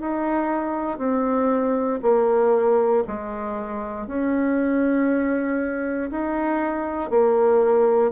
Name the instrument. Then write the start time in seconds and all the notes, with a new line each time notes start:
bassoon
0.00 D#4
0.98 C4
2.02 A#3
3.07 G#3
4.07 C#4
6.11 D#4
7.10 A#3